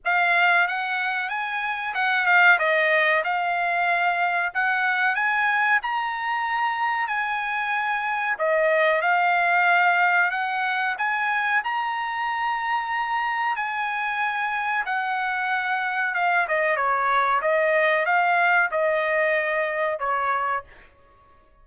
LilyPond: \new Staff \with { instrumentName = "trumpet" } { \time 4/4 \tempo 4 = 93 f''4 fis''4 gis''4 fis''8 f''8 | dis''4 f''2 fis''4 | gis''4 ais''2 gis''4~ | gis''4 dis''4 f''2 |
fis''4 gis''4 ais''2~ | ais''4 gis''2 fis''4~ | fis''4 f''8 dis''8 cis''4 dis''4 | f''4 dis''2 cis''4 | }